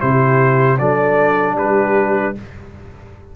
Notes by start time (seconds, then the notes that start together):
0.00 C3 E4 G4 C5
0.79 F#3 D4 A4 D5
1.54 G3 G4 B4